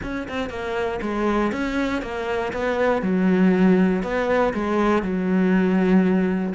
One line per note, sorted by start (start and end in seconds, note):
0.03 0.28 C#4
0.28 0.49 C4
0.49 0.99 A#3
1.01 1.52 G#3
1.52 2.02 C#4
2.02 2.52 A#3
2.52 3.02 B3
3.02 4.02 F#3
4.02 4.53 B3
4.53 5.02 G#3
5.02 6.53 F#3